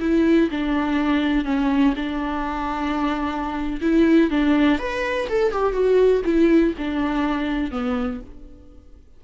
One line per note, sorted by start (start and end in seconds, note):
0.00 0.49 E4
0.51 1.45 D4
1.45 1.94 C#4
1.96 3.80 D4
3.81 4.30 E4
4.30 4.79 D4
4.79 5.28 B4
5.29 5.52 A4
5.52 5.73 G4
5.73 6.22 F#4
6.25 6.74 E4
6.78 7.71 D4
7.71 8.20 B3